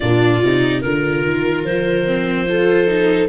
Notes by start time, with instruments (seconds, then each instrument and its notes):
0.00 tuba A#2, viola D4 F4, clarinet D5
0.44 tuba C3, viola D#4
0.81 tuba D3, viola F4 A#4, clarinet A#4
1.24 tuba D#3
1.63 tuba F3, clarinet C5
2.05 viola C4
2.47 viola F4 A4
2.86 viola D#4